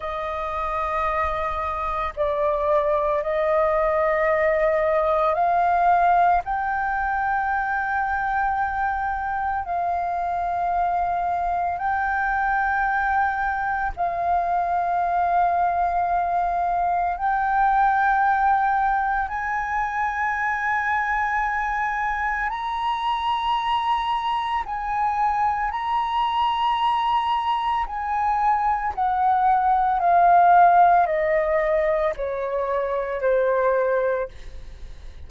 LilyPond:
\new Staff \with { instrumentName = "flute" } { \time 4/4 \tempo 4 = 56 dis''2 d''4 dis''4~ | dis''4 f''4 g''2~ | g''4 f''2 g''4~ | g''4 f''2. |
g''2 gis''2~ | gis''4 ais''2 gis''4 | ais''2 gis''4 fis''4 | f''4 dis''4 cis''4 c''4 | }